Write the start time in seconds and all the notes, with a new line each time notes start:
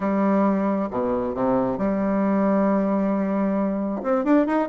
0.00 G3
0.90 B2
1.34 C3
1.78 G3
4.02 C4
4.24 D4
4.46 D#4